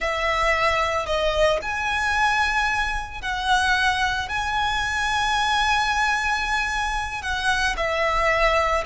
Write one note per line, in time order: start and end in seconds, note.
0.00 1.05 E5
1.05 1.59 D#5
1.62 3.21 G#5
3.21 4.29 F#5
4.29 7.22 G#5
7.22 7.75 F#5
7.77 8.84 E5